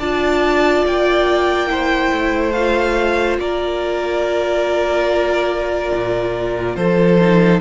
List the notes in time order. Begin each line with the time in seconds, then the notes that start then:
0.00 D4 F4 D5 A5
0.87 A#3 G5
1.68 E4 C5
2.12 A3
2.53 F4 F5
3.38 A#3 A#4 D5
5.93 A#2
6.76 F3 A4 C5
7.21 D#4